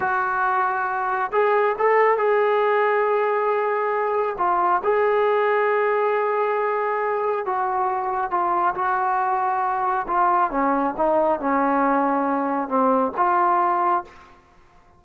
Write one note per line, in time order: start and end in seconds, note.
0.00 1.31 F#4
1.32 1.75 G#4
1.78 2.17 A4
2.17 4.36 G#4
4.38 4.82 F4
4.83 7.45 G#4
7.45 8.30 F#4
8.30 8.74 F4
8.75 10.06 F#4
10.07 10.50 F4
10.50 10.94 C#4
10.97 11.39 D#4
11.39 12.68 C#4
12.68 13.12 C4
13.16 14.04 F4